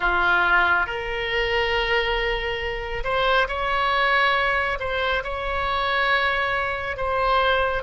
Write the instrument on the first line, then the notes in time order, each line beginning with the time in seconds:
oboe
0.00 F4
0.86 A#4
3.04 C5
3.47 C#5
4.79 C5
5.23 C#5
6.96 C5